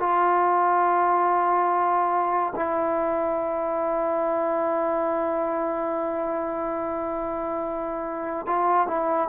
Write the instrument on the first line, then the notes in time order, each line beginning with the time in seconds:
trombone
0.00 F4
2.55 E4
8.46 F4
8.88 E4